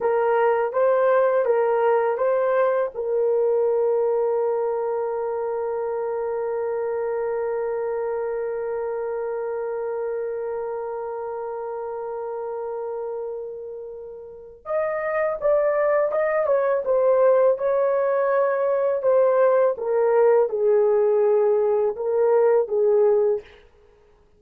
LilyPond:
\new Staff \with { instrumentName = "horn" } { \time 4/4 \tempo 4 = 82 ais'4 c''4 ais'4 c''4 | ais'1~ | ais'1~ | ais'1~ |
ais'1 | dis''4 d''4 dis''8 cis''8 c''4 | cis''2 c''4 ais'4 | gis'2 ais'4 gis'4 | }